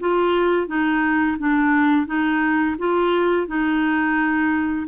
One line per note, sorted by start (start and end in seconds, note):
0.00 0.68 F4
0.68 1.37 D#4
1.39 2.06 D4
2.06 2.76 D#4
2.78 3.48 F4
3.48 4.87 D#4